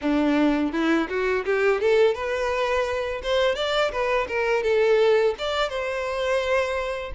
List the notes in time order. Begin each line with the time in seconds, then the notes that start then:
0.01 D4
0.72 E4
1.09 F#4
1.45 G4
1.80 A4
2.14 B4
3.22 C5
3.55 D5
3.91 B4
4.28 A#4
4.63 A4
5.38 D5
5.69 C5